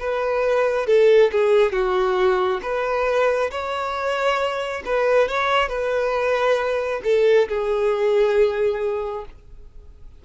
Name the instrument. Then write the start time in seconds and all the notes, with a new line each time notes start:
violin
0.00 B4
0.87 A4
1.32 G#4
1.72 F#4
2.62 B4
3.51 C#5
4.86 B4
5.28 C#5
5.69 B4
7.04 A4
7.48 G#4